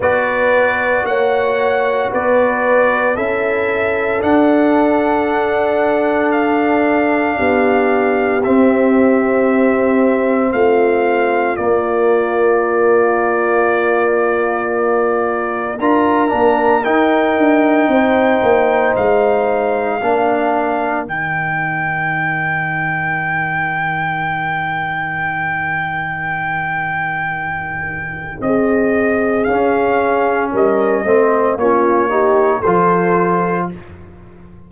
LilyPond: <<
  \new Staff \with { instrumentName = "trumpet" } { \time 4/4 \tempo 4 = 57 d''4 fis''4 d''4 e''4 | fis''2 f''2 | e''2 f''4 d''4~ | d''2. ais''4 |
g''2 f''2 | g''1~ | g''2. dis''4 | f''4 dis''4 cis''4 c''4 | }
  \new Staff \with { instrumentName = "horn" } { \time 4/4 b'4 cis''4 b'4 a'4~ | a'2. g'4~ | g'2 f'2~ | f'2. ais'4~ |
ais'4 c''2 ais'4~ | ais'1~ | ais'2. gis'4~ | gis'4 ais'8 c''8 f'8 g'8 a'4 | }
  \new Staff \with { instrumentName = "trombone" } { \time 4/4 fis'2. e'4 | d'1 | c'2. ais4~ | ais2. f'8 d'8 |
dis'2. d'4 | dis'1~ | dis'1 | cis'4. c'8 cis'8 dis'8 f'4 | }
  \new Staff \with { instrumentName = "tuba" } { \time 4/4 b4 ais4 b4 cis'4 | d'2. b4 | c'2 a4 ais4~ | ais2. d'8 ais8 |
dis'8 d'8 c'8 ais8 gis4 ais4 | dis1~ | dis2. c'4 | cis'4 g8 a8 ais4 f4 | }
>>